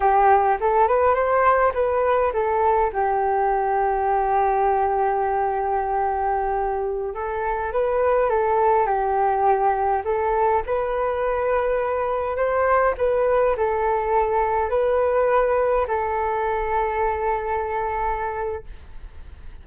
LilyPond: \new Staff \with { instrumentName = "flute" } { \time 4/4 \tempo 4 = 103 g'4 a'8 b'8 c''4 b'4 | a'4 g'2.~ | g'1~ | g'16 a'4 b'4 a'4 g'8.~ |
g'4~ g'16 a'4 b'4.~ b'16~ | b'4~ b'16 c''4 b'4 a'8.~ | a'4~ a'16 b'2 a'8.~ | a'1 | }